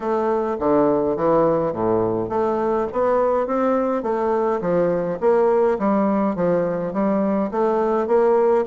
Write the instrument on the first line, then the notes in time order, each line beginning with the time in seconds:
bassoon
0.00 A3
0.59 D3
1.16 E3
1.72 A2
2.29 A3
2.92 B3
3.46 C4
4.02 A3
4.61 F3
5.20 A#3
5.78 G3
6.35 F3
6.93 G3
7.51 A3
8.07 A#3